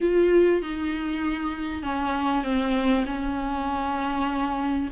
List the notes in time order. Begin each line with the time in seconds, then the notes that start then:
0.01 F4
0.62 D#4
1.82 C#4
2.43 C4
3.06 C#4